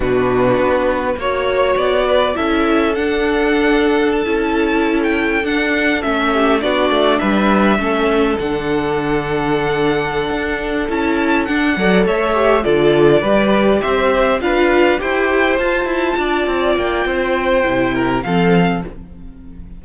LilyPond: <<
  \new Staff \with { instrumentName = "violin" } { \time 4/4 \tempo 4 = 102 b'2 cis''4 d''4 | e''4 fis''2 a''4~ | a''8 g''8. fis''4 e''4 d''8.~ | d''16 e''2 fis''4.~ fis''16~ |
fis''2~ fis''8 a''4 fis''8~ | fis''8 e''4 d''2 e''8~ | e''8 f''4 g''4 a''4.~ | a''8 g''2~ g''8 f''4 | }
  \new Staff \with { instrumentName = "violin" } { \time 4/4 fis'2 cis''4. b'8 | a'1~ | a'2~ a'8. g'8 fis'8.~ | fis'16 b'4 a'2~ a'8.~ |
a'1 | d''8 cis''4 a'4 b'4 c''8~ | c''8 b'4 c''2 d''8~ | d''4 c''4. ais'8 a'4 | }
  \new Staff \with { instrumentName = "viola" } { \time 4/4 d'2 fis'2 | e'4 d'2~ d'16 e'8.~ | e'4~ e'16 d'4 cis'4 d'8.~ | d'4~ d'16 cis'4 d'4.~ d'16~ |
d'2~ d'8 e'4 d'8 | a'4 g'8 f'4 g'4.~ | g'8 f'4 g'4 f'4.~ | f'2 e'4 c'4 | }
  \new Staff \with { instrumentName = "cello" } { \time 4/4 b,4 b4 ais4 b4 | cis'4 d'2~ d'16 cis'8.~ | cis'4~ cis'16 d'4 a4 b8 a16~ | a16 g4 a4 d4.~ d16~ |
d4. d'4 cis'4 d'8 | fis8 a4 d4 g4 c'8~ | c'8 d'4 e'4 f'8 e'8 d'8 | c'8 ais8 c'4 c4 f4 | }
>>